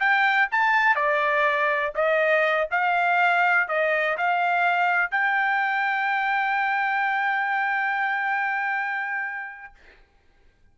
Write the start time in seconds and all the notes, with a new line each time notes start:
0.00 G5
0.52 A5
0.96 D5
1.95 D#5
2.71 F5
3.68 D#5
4.18 F5
5.11 G5